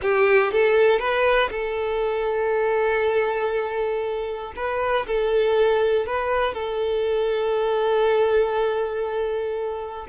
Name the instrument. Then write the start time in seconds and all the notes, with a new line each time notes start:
violin
0.01 G4
0.52 A4
0.99 B4
1.50 A4
4.56 B4
5.06 A4
6.06 B4
6.54 A4